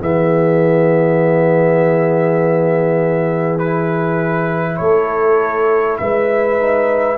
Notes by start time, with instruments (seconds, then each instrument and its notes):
0.00 tuba E3, trombone B3, horn G#4, trumpet E5
3.59 trombone E4, trumpet B4
4.78 tuba A3, horn A4, trumpet C#5
5.98 tuba G#3, horn B4, trumpet E5
6.59 trombone D#4